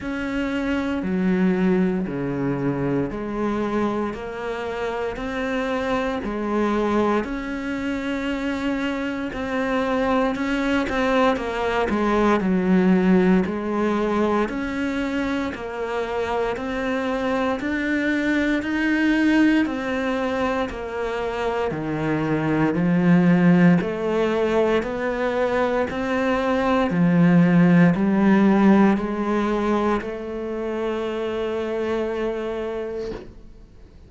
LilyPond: \new Staff \with { instrumentName = "cello" } { \time 4/4 \tempo 4 = 58 cis'4 fis4 cis4 gis4 | ais4 c'4 gis4 cis'4~ | cis'4 c'4 cis'8 c'8 ais8 gis8 | fis4 gis4 cis'4 ais4 |
c'4 d'4 dis'4 c'4 | ais4 dis4 f4 a4 | b4 c'4 f4 g4 | gis4 a2. | }